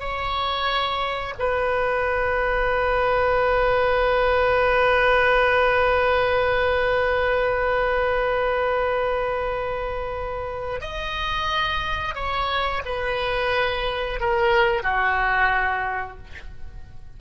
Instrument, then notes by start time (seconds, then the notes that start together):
oboe
0.00 C#5
1.39 B4
10.81 D#5
12.15 C#5
12.85 B4
14.20 A#4
14.83 F#4